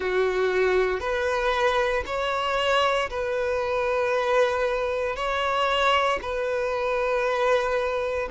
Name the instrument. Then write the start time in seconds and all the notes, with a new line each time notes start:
violin
0.00 F#4
1.00 B4
2.05 C#5
3.09 B4
5.15 C#5
6.22 B4